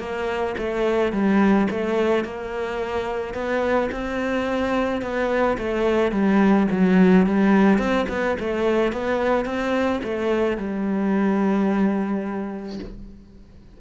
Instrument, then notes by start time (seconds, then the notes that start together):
cello
0.00 A#3
0.58 A3
1.13 G3
1.71 A3
2.25 A#3
3.34 B3
3.92 C4
5.02 B3
5.59 A3
6.12 G3
6.71 F#3
7.27 G3
7.79 C4
8.09 B3
8.40 A3
8.93 B3
9.46 C4
10.04 A3
10.58 G3